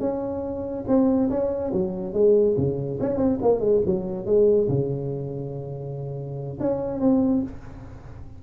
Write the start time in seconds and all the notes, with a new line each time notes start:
0.00 C#4
0.87 C4
1.30 C#4
1.72 F#3
2.13 G#3
2.57 C#3
3.00 C#4
3.17 C4
3.42 A#3
3.60 G#3
3.85 F#3
4.26 G#3
4.68 C#3
6.60 C#4
7.00 C4